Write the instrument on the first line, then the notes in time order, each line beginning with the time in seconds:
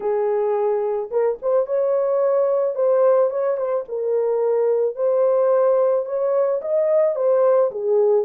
horn
0.00 G#4
1.11 A#4
1.42 C5
1.66 C#5
2.75 C5
3.30 C#5
3.57 C5
3.88 A#4
4.95 C5
6.05 C#5
6.61 D#5
7.15 C5
7.71 G#4